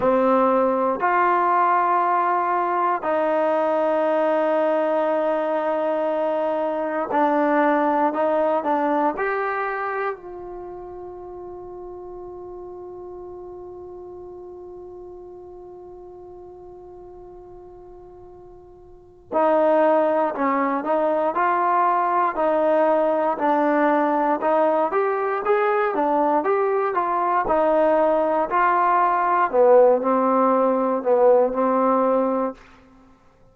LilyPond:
\new Staff \with { instrumentName = "trombone" } { \time 4/4 \tempo 4 = 59 c'4 f'2 dis'4~ | dis'2. d'4 | dis'8 d'8 g'4 f'2~ | f'1~ |
f'2. dis'4 | cis'8 dis'8 f'4 dis'4 d'4 | dis'8 g'8 gis'8 d'8 g'8 f'8 dis'4 | f'4 b8 c'4 b8 c'4 | }